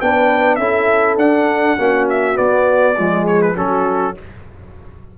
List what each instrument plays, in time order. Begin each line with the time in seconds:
0.00 tuba B3, trombone D4, horn B4, trumpet G5
0.55 tuba C#4, trombone E4, horn A4, trumpet E5
1.17 tuba D4, trombone D4, trumpet F#5
1.77 tuba A#3, trombone C#4, horn F#4
2.09 trumpet E5
2.34 trombone B3, tuba B3, trumpet D5
2.96 tuba F3, trombone G#3, horn G#4
3.26 trumpet C#5
3.41 trumpet B4
3.54 tuba F#3, trombone C#4, horn F#4, trumpet A4